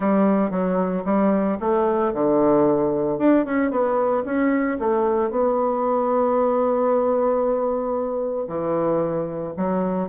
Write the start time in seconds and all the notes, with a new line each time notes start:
0.00 G3
0.50 F#3
1.05 G3
1.60 A3
2.13 D3
3.18 D4
3.45 C#4
3.70 B3
4.25 C#4
4.79 A3
5.30 B3
8.47 E3
9.56 F#3